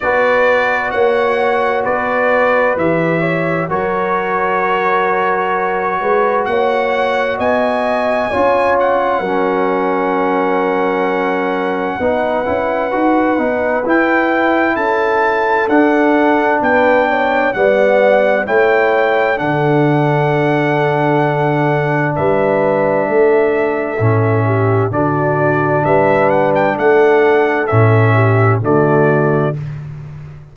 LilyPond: <<
  \new Staff \with { instrumentName = "trumpet" } { \time 4/4 \tempo 4 = 65 d''4 fis''4 d''4 e''4 | cis''2. fis''4 | gis''4. fis''2~ fis''8~ | fis''2. g''4 |
a''4 fis''4 g''4 fis''4 | g''4 fis''2. | e''2. d''4 | e''8 fis''16 g''16 fis''4 e''4 d''4 | }
  \new Staff \with { instrumentName = "horn" } { \time 4/4 b'4 cis''4 b'4. cis''8 | ais'2~ ais'8 b'8 cis''4 | dis''4 cis''4 ais'2~ | ais'4 b'2. |
a'2 b'8 cis''8 d''4 | cis''4 a'2. | b'4 a'4. g'8 fis'4 | b'4 a'4. g'8 fis'4 | }
  \new Staff \with { instrumentName = "trombone" } { \time 4/4 fis'2. g'4 | fis'1~ | fis'4 f'4 cis'2~ | cis'4 dis'8 e'8 fis'8 dis'8 e'4~ |
e'4 d'2 b4 | e'4 d'2.~ | d'2 cis'4 d'4~ | d'2 cis'4 a4 | }
  \new Staff \with { instrumentName = "tuba" } { \time 4/4 b4 ais4 b4 e4 | fis2~ fis8 gis8 ais4 | b4 cis'4 fis2~ | fis4 b8 cis'8 dis'8 b8 e'4 |
cis'4 d'4 b4 g4 | a4 d2. | g4 a4 a,4 d4 | g4 a4 a,4 d4 | }
>>